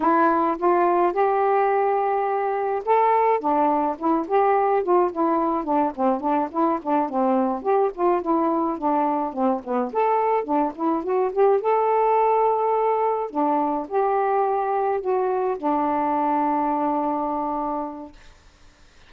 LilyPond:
\new Staff \with { instrumentName = "saxophone" } { \time 4/4 \tempo 4 = 106 e'4 f'4 g'2~ | g'4 a'4 d'4 e'8 g'8~ | g'8 f'8 e'4 d'8 c'8 d'8 e'8 | d'8 c'4 g'8 f'8 e'4 d'8~ |
d'8 c'8 b8 a'4 d'8 e'8 fis'8 | g'8 a'2. d'8~ | d'8 g'2 fis'4 d'8~ | d'1 | }